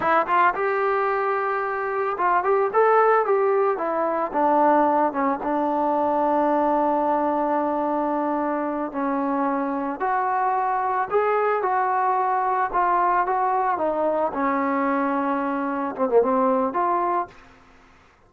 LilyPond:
\new Staff \with { instrumentName = "trombone" } { \time 4/4 \tempo 4 = 111 e'8 f'8 g'2. | f'8 g'8 a'4 g'4 e'4 | d'4. cis'8 d'2~ | d'1~ |
d'8 cis'2 fis'4.~ | fis'8 gis'4 fis'2 f'8~ | f'8 fis'4 dis'4 cis'4.~ | cis'4. c'16 ais16 c'4 f'4 | }